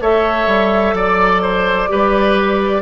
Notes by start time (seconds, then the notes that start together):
0.00 A3 A4 C#5 E5
0.46 G3
0.93 F#3 D5
1.00 D5
1.42 C5
1.88 G3 G4 B4